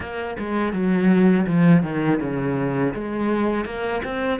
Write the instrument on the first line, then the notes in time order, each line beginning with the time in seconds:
cello
0.00 A#3
0.39 G#3
0.73 F#3
1.46 F3
1.83 D#3
2.20 C#3
2.94 G#3
3.65 A#3
4.03 C4